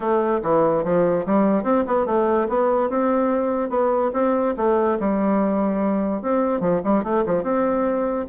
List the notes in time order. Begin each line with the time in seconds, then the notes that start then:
0.00 A3
0.43 E3
0.84 F3
1.26 G3
1.63 C4
1.87 B3
2.06 A3
2.48 B3
2.89 C4
3.69 B3
4.13 C4
4.56 A3
4.99 G3
6.22 C4
6.60 F3
6.84 G3
7.03 A3
7.26 F3
7.43 C4